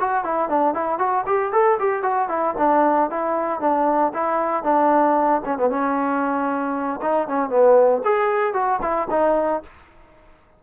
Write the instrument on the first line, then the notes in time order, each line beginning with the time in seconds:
trombone
0.00 F#4
0.24 E4
0.49 D4
0.74 E4
0.99 F#4
1.26 G4
1.52 A4
1.79 G4
2.03 F#4
2.29 E4
2.58 D4
3.10 E4
3.60 D4
4.14 E4
4.63 D4
5.45 C#4
5.58 B3
5.70 C#4
7.02 D#4
7.28 C#4
7.49 B3
8.04 G#4
8.54 F#4
8.82 E4
9.10 D#4